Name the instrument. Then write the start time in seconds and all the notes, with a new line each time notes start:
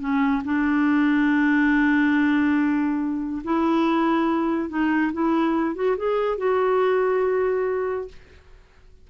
clarinet
0.00 C#4
0.44 D4
3.44 E4
4.69 D#4
5.13 E4
5.75 F#4
5.97 G#4
6.38 F#4